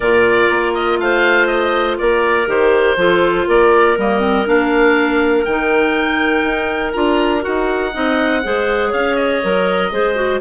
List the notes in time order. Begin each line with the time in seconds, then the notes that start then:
0.00 A#2 F4 A#4 D5
0.50 A#3
0.74 D#5
0.98 A3 C5 F5
1.47 D#5
1.98 A#3 A#4 D5
2.46 D#3 G4 C5
2.96 F3 F4 A4
3.46 A#3 A#4 D5
3.97 G3 A#3 D#5
4.19 C4
4.46 A#3 D4 F5
5.45 D#3 D#4 G5
6.43 D#4
6.92 D4 F4 A#5
7.40 D#4 F#4 F#5
7.93 C4 D#4 D#5
8.43 G#3 G#4 C5
8.89 C#4 C#5 F5
9.15 D#5
9.42 F#3 A#4
9.91 G#3 G#4 C5
10.15 F#4